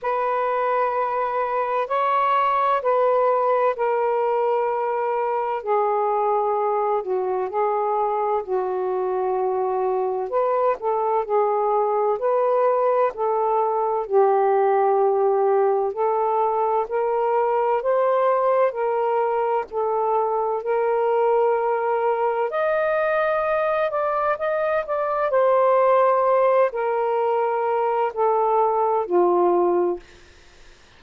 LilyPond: \new Staff \with { instrumentName = "saxophone" } { \time 4/4 \tempo 4 = 64 b'2 cis''4 b'4 | ais'2 gis'4. fis'8 | gis'4 fis'2 b'8 a'8 | gis'4 b'4 a'4 g'4~ |
g'4 a'4 ais'4 c''4 | ais'4 a'4 ais'2 | dis''4. d''8 dis''8 d''8 c''4~ | c''8 ais'4. a'4 f'4 | }